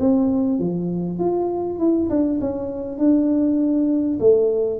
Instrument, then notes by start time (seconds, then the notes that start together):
tuba
0.00 C4
0.59 F3
1.19 F4
1.79 E4
2.10 D4
2.41 C#4
2.98 D4
4.20 A3